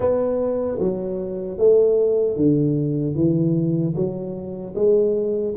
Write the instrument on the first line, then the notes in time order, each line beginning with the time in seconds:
tuba
0.00 B3
0.79 F#3
1.58 A3
2.36 D3
3.15 E3
3.95 F#3
4.75 G#3